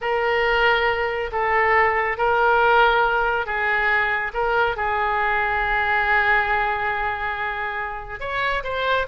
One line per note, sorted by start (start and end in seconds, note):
0.01 1.30 A#4
1.32 2.17 A4
2.17 3.45 A#4
3.45 4.32 G#4
4.33 4.76 A#4
4.76 8.20 G#4
8.20 8.63 C#5
8.63 9.06 C5